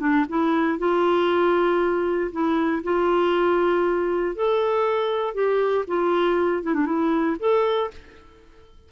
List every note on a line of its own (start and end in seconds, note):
0.00 0.25 D4
0.29 0.79 E4
0.79 2.31 F4
2.32 2.83 E4
2.84 4.35 F4
4.35 5.34 A4
5.34 5.85 G4
5.88 6.63 F4
6.63 6.74 E4
6.74 6.86 D4
6.86 7.37 E4
7.40 7.91 A4